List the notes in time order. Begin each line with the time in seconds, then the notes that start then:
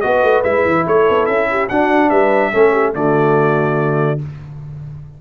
0.00 B3 F#4 B4 D#5
0.22 A3
0.43 G#3 E4 E5
0.65 E3
0.86 A3 A4 C#5
1.08 B3
1.25 C#4 E5
1.50 G4
1.68 D4 F#4 F#5
2.09 G3 B4 E5
2.52 A3 C#4 A4
2.71 G4
2.93 D3 A3 F#4 D5